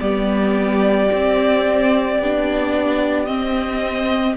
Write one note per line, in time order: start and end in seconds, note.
0.00 1.10 G3
0.00 1.10 B3
0.00 4.37 G4
0.00 3.26 D5
1.12 2.19 C4
1.12 2.22 C4
2.19 3.28 B3
2.19 3.26 D4
3.26 4.35 C4
3.26 4.37 C4
3.26 4.35 D#5